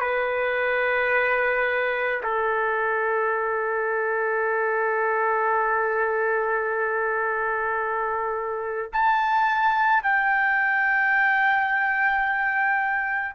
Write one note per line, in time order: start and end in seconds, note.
0.00 2.22 B4
2.23 8.90 A4
8.92 10.03 A5
10.03 13.35 G5